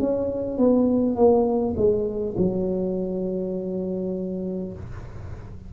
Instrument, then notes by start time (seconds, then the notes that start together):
tuba
0.00 C#4
0.58 B3
1.16 A#3
1.77 G#3
2.38 F#3